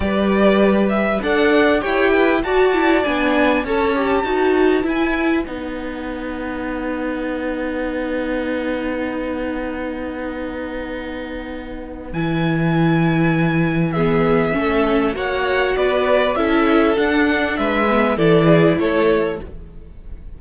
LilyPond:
<<
  \new Staff \with { instrumentName = "violin" } { \time 4/4 \tempo 4 = 99 d''4. e''8 fis''4 g''4 | a''4 gis''4 a''2 | gis''4 fis''2.~ | fis''1~ |
fis''1 | gis''2. e''4~ | e''4 fis''4 d''4 e''4 | fis''4 e''4 d''4 cis''4 | }
  \new Staff \with { instrumentName = "violin" } { \time 4/4 b'2 d''4 cis''8 b'8 | d''2 cis''4 b'4~ | b'1~ | b'1~ |
b'1~ | b'2. gis'4 | a'4 cis''4 b'4 a'4~ | a'4 b'4 a'8 gis'8 a'4 | }
  \new Staff \with { instrumentName = "viola" } { \time 4/4 g'2 a'4 g'4 | fis'8 e'8 d'4 a'8 g'8 fis'4 | e'4 dis'2.~ | dis'1~ |
dis'1 | e'2. b4 | cis'4 fis'2 e'4 | d'4. b8 e'2 | }
  \new Staff \with { instrumentName = "cello" } { \time 4/4 g2 d'4 e'4 | fis'4 b4 cis'4 dis'4 | e'4 b2.~ | b1~ |
b1 | e1 | a4 ais4 b4 cis'4 | d'4 gis4 e4 a4 | }
>>